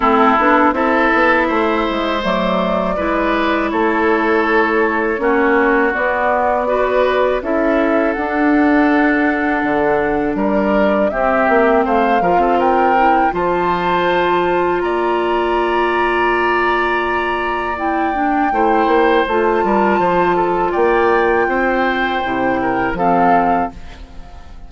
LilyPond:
<<
  \new Staff \with { instrumentName = "flute" } { \time 4/4 \tempo 4 = 81 a'4 e''2 d''4~ | d''4 cis''2. | d''2 e''4 fis''4~ | fis''2 d''4 e''4 |
f''4 g''4 a''2 | ais''1 | g''2 a''2 | g''2. f''4 | }
  \new Staff \with { instrumentName = "oboe" } { \time 4/4 e'4 a'4 c''2 | b'4 a'2 fis'4~ | fis'4 b'4 a'2~ | a'2 ais'4 g'4 |
c''8 ais'16 a'16 ais'4 c''2 | d''1~ | d''4 c''4. ais'8 c''8 a'8 | d''4 c''4. ais'8 a'4 | }
  \new Staff \with { instrumentName = "clarinet" } { \time 4/4 c'8 d'8 e'2 a4 | e'2. cis'4 | b4 fis'4 e'4 d'4~ | d'2. c'4~ |
c'8 f'4 e'8 f'2~ | f'1 | e'8 d'8 e'4 f'2~ | f'2 e'4 c'4 | }
  \new Staff \with { instrumentName = "bassoon" } { \time 4/4 a8 b8 c'8 b8 a8 gis8 fis4 | gis4 a2 ais4 | b2 cis'4 d'4~ | d'4 d4 g4 c'8 ais8 |
a8 f16 c'4~ c'16 f2 | ais1~ | ais4 a8 ais8 a8 g8 f4 | ais4 c'4 c4 f4 | }
>>